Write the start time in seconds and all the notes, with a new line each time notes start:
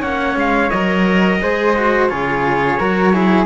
0.00 A#3 C#4 C#5 F#5
0.36 G#3 F5
0.70 F#3 A#4 D#5
1.42 G#3 G#4 C5
1.77 F#4
2.08 C#3 F4 G#4 C#5
2.79 F#3 F#4 A#4
3.13 E4 G#4